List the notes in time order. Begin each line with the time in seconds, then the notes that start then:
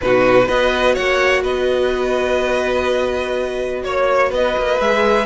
0.01 B2 D#4 F#4 B4
0.46 B3 F#4 B4 D#5
0.93 A#3 C#5 F#5
1.43 B3 B4 D#5
3.83 A#3 C#5
4.30 B3 B4 D#5
4.57 A#3
4.80 G#3 G#4 E5